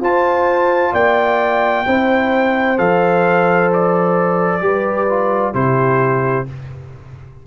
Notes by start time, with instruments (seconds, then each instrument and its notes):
0.00 tuba F4, trombone F4, horn C5, trumpet A5
0.92 tuba A#3, horn D5, trumpet G5
1.86 tuba C4, trombone E4, horn C5
2.77 tuba F3, trombone A4, trumpet F5
3.73 trumpet D5
4.60 tuba G3, trombone G4, horn B4
5.09 trombone F4
5.53 tuba C3, trombone E4, horn G4, trumpet C5